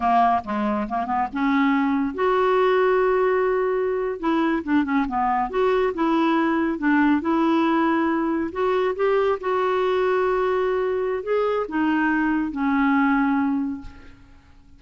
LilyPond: \new Staff \with { instrumentName = "clarinet" } { \time 4/4 \tempo 4 = 139 ais4 gis4 ais8 b8 cis'4~ | cis'4 fis'2.~ | fis'4.~ fis'16 e'4 d'8 cis'8 b16~ | b8. fis'4 e'2 d'16~ |
d'8. e'2. fis'16~ | fis'8. g'4 fis'2~ fis'16~ | fis'2 gis'4 dis'4~ | dis'4 cis'2. | }